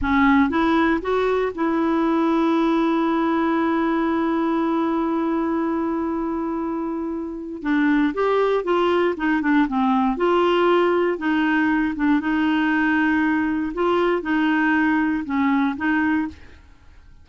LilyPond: \new Staff \with { instrumentName = "clarinet" } { \time 4/4 \tempo 4 = 118 cis'4 e'4 fis'4 e'4~ | e'1~ | e'1~ | e'2. d'4 |
g'4 f'4 dis'8 d'8 c'4 | f'2 dis'4. d'8 | dis'2. f'4 | dis'2 cis'4 dis'4 | }